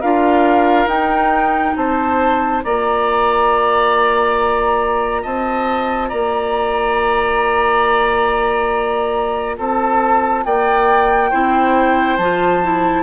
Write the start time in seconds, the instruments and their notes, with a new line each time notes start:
0.00 bassoon D4, clarinet F4, oboe A#4, flute F5
0.86 bassoon D#4, clarinet D#4, flute G5
1.76 bassoon C4, oboe C5, flute A5
2.63 bassoon A#3, clarinet F4, oboe D5, flute A#5
5.22 bassoon C4, oboe D#5, flute A5
6.08 bassoon A#3, oboe D5, flute A#5
9.57 bassoon C4, oboe A4, flute A5
10.44 bassoon A#3, oboe D5, flute G5
11.30 bassoon C4, clarinet E4, oboe C5
12.17 bassoon F3, clarinet F4, flute A5
12.63 clarinet E4